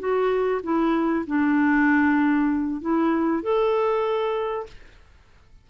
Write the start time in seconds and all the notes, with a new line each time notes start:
0.00 F#4
0.64 E4
1.27 D4
2.82 E4
3.43 A4